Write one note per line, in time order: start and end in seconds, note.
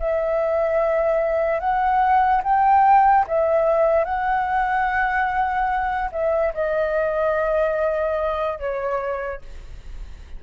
0.00 1.60 E5
1.60 2.42 F#5
2.44 3.26 G5
3.28 4.05 E5
4.05 6.10 F#5
6.12 6.53 E5
6.54 8.60 D#5
8.60 9.42 C#5